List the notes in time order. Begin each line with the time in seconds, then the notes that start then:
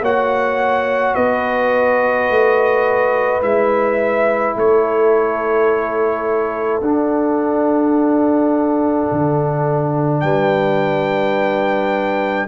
0.00 A#3 F#4 C#5 F#5
1.14 B3 B4 D#5
2.29 A3
3.42 G#3 E4 E5
4.55 A3 A4 C#5
6.80 D4 F#5
9.11 D3
10.20 G3 B4 G5